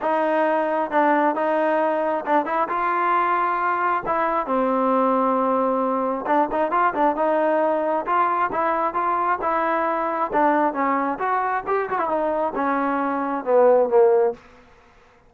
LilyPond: \new Staff \with { instrumentName = "trombone" } { \time 4/4 \tempo 4 = 134 dis'2 d'4 dis'4~ | dis'4 d'8 e'8 f'2~ | f'4 e'4 c'2~ | c'2 d'8 dis'8 f'8 d'8 |
dis'2 f'4 e'4 | f'4 e'2 d'4 | cis'4 fis'4 g'8 fis'16 e'16 dis'4 | cis'2 b4 ais4 | }